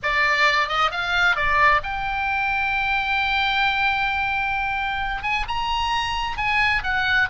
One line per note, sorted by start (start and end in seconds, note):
0.02 0.68 D5
0.68 0.90 D#5
0.91 1.36 F5
1.36 1.81 D5
1.83 5.23 G5
5.23 5.45 G#5
5.48 6.37 A#5
6.37 6.82 G#5
6.83 7.28 F#5